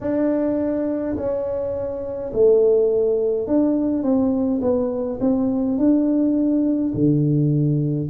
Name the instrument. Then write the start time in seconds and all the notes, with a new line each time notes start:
tuba
0.01 D4
1.16 C#4
2.33 A3
3.47 D4
4.02 C4
4.62 B3
5.20 C4
5.77 D4
6.94 D3